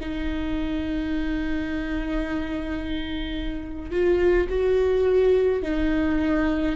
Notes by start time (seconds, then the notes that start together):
0.00 D#4
3.91 F4
4.49 F#4
5.62 D#4